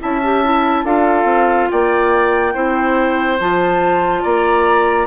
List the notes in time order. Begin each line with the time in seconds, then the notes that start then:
0.00 C#4 E4 E5 A5
0.24 G4
0.44 E4
0.85 D4 F4 A4 F5
1.25 C4
1.71 A#3 D5 G5
2.54 C4 E4 C5
3.40 F3 F4 A5
4.23 A#3 D5 A#5